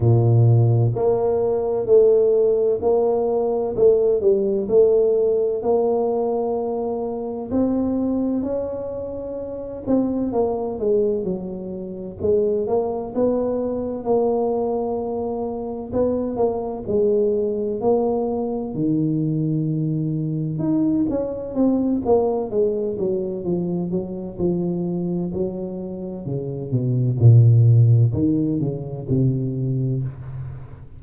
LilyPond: \new Staff \with { instrumentName = "tuba" } { \time 4/4 \tempo 4 = 64 ais,4 ais4 a4 ais4 | a8 g8 a4 ais2 | c'4 cis'4. c'8 ais8 gis8 | fis4 gis8 ais8 b4 ais4~ |
ais4 b8 ais8 gis4 ais4 | dis2 dis'8 cis'8 c'8 ais8 | gis8 fis8 f8 fis8 f4 fis4 | cis8 b,8 ais,4 dis8 cis8 c4 | }